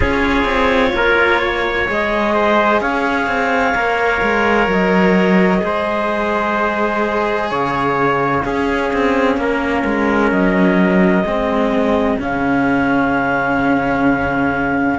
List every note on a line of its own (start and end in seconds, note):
0.00 0.44 C#4
0.00 1.86 F4
0.00 0.90 G#4
0.00 1.88 C#5
0.44 0.91 C4
0.95 1.88 A#3
0.95 1.39 A#4
1.39 2.33 C#5
1.87 2.80 G#3
1.87 3.75 G#4
1.87 2.81 D#5
2.33 2.80 C5
2.80 3.27 C#4
2.80 5.62 C#5
2.80 4.68 F5
3.27 3.73 C4
3.74 4.21 A#3
3.74 5.59 A#4
4.22 4.67 G#3
4.67 5.61 F#3
4.67 7.51 D#5
5.59 7.50 G#3
5.59 8.40 G#4
5.59 7.50 C5
7.50 8.44 C#3
7.50 8.43 C#5
7.50 10.30 F5
8.42 11.23 C#4
8.42 8.91 C#4
8.42 9.39 G#4
8.93 9.37 C4
9.37 9.83 A#3
9.37 11.27 A#4
9.85 10.31 G#3
10.30 11.23 F#3
10.30 12.18 D#5
11.23 12.17 G#3
11.23 12.19 C4
11.23 14.98 G#4
12.19 14.98 C#3
12.19 14.98 C#4
12.19 14.98 F5